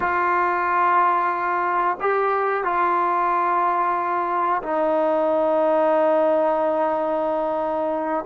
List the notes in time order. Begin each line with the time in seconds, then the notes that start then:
0.00 F4
2.00 G4
2.64 F4
4.62 D#4